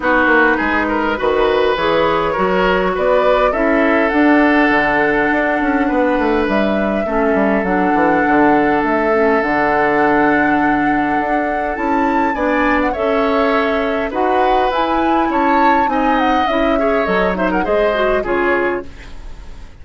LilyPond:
<<
  \new Staff \with { instrumentName = "flute" } { \time 4/4 \tempo 4 = 102 b'2. cis''4~ | cis''4 d''4 e''4 fis''4~ | fis''2. e''4~ | e''4 fis''2 e''4 |
fis''1 | a''4 gis''8. fis''16 e''2 | fis''4 gis''4 a''4 gis''8 fis''8 | e''4 dis''8 e''16 fis''16 dis''4 cis''4 | }
  \new Staff \with { instrumentName = "oboe" } { \time 4/4 fis'4 gis'8 ais'8 b'2 | ais'4 b'4 a'2~ | a'2 b'2 | a'1~ |
a'1~ | a'4 d''4 cis''2 | b'2 cis''4 dis''4~ | dis''8 cis''4 c''16 ais'16 c''4 gis'4 | }
  \new Staff \with { instrumentName = "clarinet" } { \time 4/4 dis'2 fis'4 gis'4 | fis'2 e'4 d'4~ | d'1 | cis'4 d'2~ d'8 cis'8 |
d'1 | e'4 d'4 a'2 | fis'4 e'2 dis'4 | e'8 gis'8 a'8 dis'8 gis'8 fis'8 f'4 | }
  \new Staff \with { instrumentName = "bassoon" } { \time 4/4 b8 ais8 gis4 dis4 e4 | fis4 b4 cis'4 d'4 | d4 d'8 cis'8 b8 a8 g4 | a8 g8 fis8 e8 d4 a4 |
d2. d'4 | cis'4 b4 cis'2 | dis'4 e'4 cis'4 c'4 | cis'4 fis4 gis4 cis4 | }
>>